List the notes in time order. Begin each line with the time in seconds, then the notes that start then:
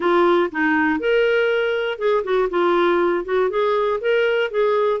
0.00 F4
0.51 D#4
0.99 A#4
1.98 G#4
2.23 F#4
2.50 F4
3.25 F#4
3.50 G#4
4.00 A#4
4.50 G#4